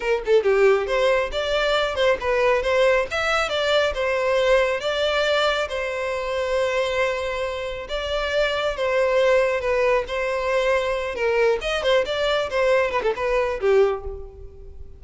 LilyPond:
\new Staff \with { instrumentName = "violin" } { \time 4/4 \tempo 4 = 137 ais'8 a'8 g'4 c''4 d''4~ | d''8 c''8 b'4 c''4 e''4 | d''4 c''2 d''4~ | d''4 c''2.~ |
c''2 d''2 | c''2 b'4 c''4~ | c''4. ais'4 dis''8 c''8 d''8~ | d''8 c''4 b'16 a'16 b'4 g'4 | }